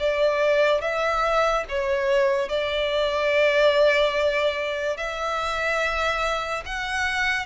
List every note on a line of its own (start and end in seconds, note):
0.00 0.81 D5
0.81 1.64 E5
1.69 2.49 C#5
2.49 4.97 D5
4.97 6.64 E5
6.66 7.46 F#5